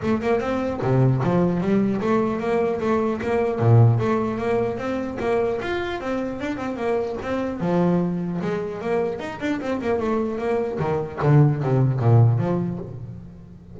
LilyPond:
\new Staff \with { instrumentName = "double bass" } { \time 4/4 \tempo 4 = 150 a8 ais8 c'4 c4 f4 | g4 a4 ais4 a4 | ais4 ais,4 a4 ais4 | c'4 ais4 f'4 c'4 |
d'8 c'8 ais4 c'4 f4~ | f4 gis4 ais4 dis'8 d'8 | c'8 ais8 a4 ais4 dis4 | d4 c4 ais,4 f4 | }